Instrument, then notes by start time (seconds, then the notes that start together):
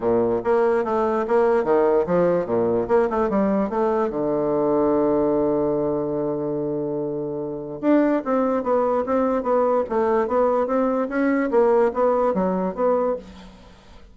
bassoon
0.00 A#2
0.43 A#3
0.84 A3
1.27 A#3
1.63 D#3
2.06 F3
2.46 A#2
2.88 A#3
3.10 A3
3.29 G3
3.69 A3
4.09 D3
7.81 D4
8.24 C4
8.63 B3
9.06 C4
9.43 B3
9.89 A3
10.27 B3
10.66 C4
11.08 C#4
11.50 A#3
11.93 B3
12.34 F#3
12.75 B3